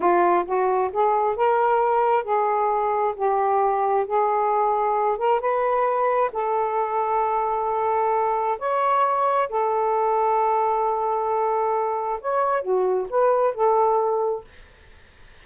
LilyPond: \new Staff \with { instrumentName = "saxophone" } { \time 4/4 \tempo 4 = 133 f'4 fis'4 gis'4 ais'4~ | ais'4 gis'2 g'4~ | g'4 gis'2~ gis'8 ais'8 | b'2 a'2~ |
a'2. cis''4~ | cis''4 a'2.~ | a'2. cis''4 | fis'4 b'4 a'2 | }